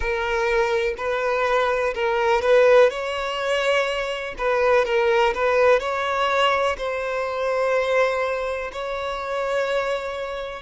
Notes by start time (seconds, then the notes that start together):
0.00 A#4
0.97 B4
1.94 A#4
2.41 B4
2.89 C#5
4.38 B4
4.85 A#4
5.34 B4
5.79 C#5
6.77 C5
8.72 C#5